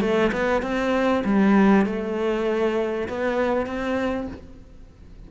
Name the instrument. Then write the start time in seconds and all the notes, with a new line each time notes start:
cello
0.00 A3
0.32 B3
0.62 C4
1.24 G3
1.86 A3
3.08 B3
3.66 C4